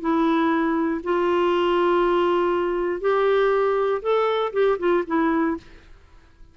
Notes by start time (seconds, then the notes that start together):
0.00 E4
1.03 F4
3.01 G4
4.02 A4
4.52 G4
4.79 F4
5.06 E4